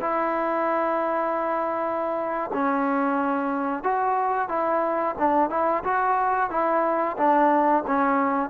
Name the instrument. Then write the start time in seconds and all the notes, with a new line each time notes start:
trombone
0.00 E4
2.53 C#4
3.83 F#4
4.48 E4
5.18 D4
5.49 E4
5.84 F#4
6.50 E4
7.17 D4
7.87 C#4